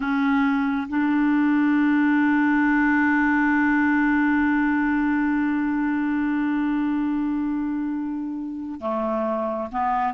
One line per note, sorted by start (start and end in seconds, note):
0.00 0.87 C#4
0.88 8.80 D4
8.80 9.69 A3
9.71 10.13 B3